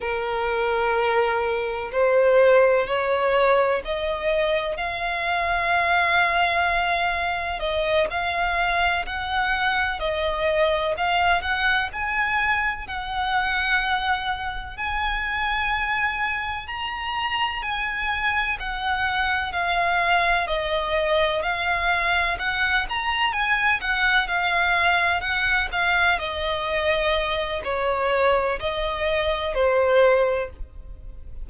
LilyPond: \new Staff \with { instrumentName = "violin" } { \time 4/4 \tempo 4 = 63 ais'2 c''4 cis''4 | dis''4 f''2. | dis''8 f''4 fis''4 dis''4 f''8 | fis''8 gis''4 fis''2 gis''8~ |
gis''4. ais''4 gis''4 fis''8~ | fis''8 f''4 dis''4 f''4 fis''8 | ais''8 gis''8 fis''8 f''4 fis''8 f''8 dis''8~ | dis''4 cis''4 dis''4 c''4 | }